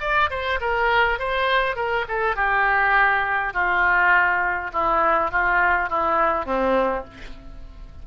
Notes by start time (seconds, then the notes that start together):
0.00 D5
0.30 C5
0.60 A#4
1.19 C5
1.76 A#4
2.08 A4
2.36 G4
3.53 F4
4.73 E4
5.31 F4
5.90 E4
6.45 C4